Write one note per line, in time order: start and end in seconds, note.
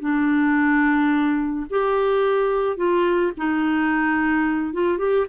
0.00 1.67 D4
1.70 2.77 G4
2.77 3.32 F4
3.37 4.73 D#4
4.73 4.98 F4
4.98 5.26 G4